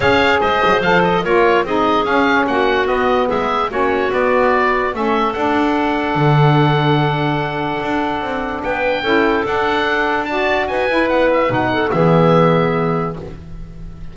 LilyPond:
<<
  \new Staff \with { instrumentName = "oboe" } { \time 4/4 \tempo 4 = 146 f''4 dis''4 f''8 dis''8 cis''4 | dis''4 f''4 fis''4 dis''4 | e''4 cis''4 d''2 | e''4 fis''2.~ |
fis''1~ | fis''4 g''2 fis''4~ | fis''4 a''4 gis''4 fis''8 e''8 | fis''4 e''2. | }
  \new Staff \with { instrumentName = "clarinet" } { \time 4/4 cis''4 c''2 ais'4 | gis'2 fis'2 | gis'4 fis'2. | a'1~ |
a'1~ | a'4 b'4 a'2~ | a'4 d''4 b'2~ | b'8 a'8 gis'2. | }
  \new Staff \with { instrumentName = "saxophone" } { \time 4/4 gis'2 a'4 f'4 | dis'4 cis'2 b4~ | b4 cis'4 b2 | cis'4 d'2.~ |
d'1~ | d'2 e'4 d'4~ | d'4 fis'4. e'4. | dis'4 b2. | }
  \new Staff \with { instrumentName = "double bass" } { \time 4/4 cis'4 gis8 fis8 f4 ais4 | c'4 cis'4 ais4 b4 | gis4 ais4 b2 | a4 d'2 d4~ |
d2. d'4 | c'4 b4 cis'4 d'4~ | d'2 dis'8 e'8 b4 | b,4 e2. | }
>>